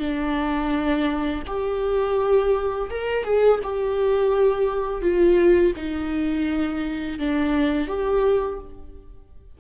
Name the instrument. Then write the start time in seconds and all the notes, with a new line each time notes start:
viola
0.00 D4
1.47 G4
2.91 A#4
3.24 G#4
3.63 G4
5.02 F4
5.76 D#4
7.19 D4
7.88 G4